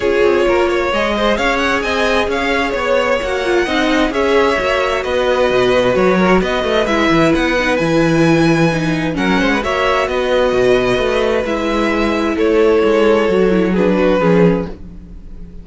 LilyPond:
<<
  \new Staff \with { instrumentName = "violin" } { \time 4/4 \tempo 4 = 131 cis''2 dis''4 f''8 fis''8 | gis''4 f''4 cis''4 fis''4~ | fis''4 e''2 dis''4~ | dis''4 cis''4 dis''4 e''4 |
fis''4 gis''2. | fis''4 e''4 dis''2~ | dis''4 e''2 cis''4~ | cis''2 b'2 | }
  \new Staff \with { instrumentName = "violin" } { \time 4/4 gis'4 ais'8 cis''4 c''8 cis''4 | dis''4 cis''2. | dis''4 cis''2 b'4~ | b'4. ais'8 b'2~ |
b'1 | ais'8 c''16 b'16 cis''4 b'2~ | b'2. a'4~ | a'2 gis'8 fis'8 gis'4 | }
  \new Staff \with { instrumentName = "viola" } { \time 4/4 f'2 gis'2~ | gis'2. fis'8 f'8 | dis'4 gis'4 fis'2~ | fis'2. e'4~ |
e'8 dis'8 e'2 dis'4 | cis'4 fis'2.~ | fis'4 e'2.~ | e'4 fis'8 e'8 d'4 cis'4 | }
  \new Staff \with { instrumentName = "cello" } { \time 4/4 cis'8 c'8 ais4 gis4 cis'4 | c'4 cis'4 b4 ais4 | c'4 cis'4 ais4 b4 | b,4 fis4 b8 a8 gis8 e8 |
b4 e2. | fis8 gis8 ais4 b4 b,4 | a4 gis2 a4 | gis4 fis2 f4 | }
>>